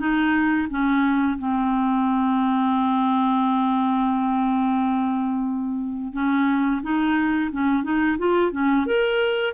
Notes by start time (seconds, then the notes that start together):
0.00 D#4
0.70 C#4
1.39 C4
6.13 C#4
6.83 D#4
7.52 C#4
7.83 D#4
8.19 F4
8.52 C#4
8.87 A#4